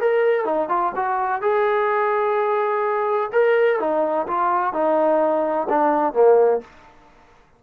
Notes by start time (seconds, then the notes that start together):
0.00 A#4
0.45 D#4
0.68 F4
0.95 F#4
1.41 G#4
3.32 A#4
3.79 D#4
4.27 F4
4.73 D#4
5.69 D4
6.13 A#3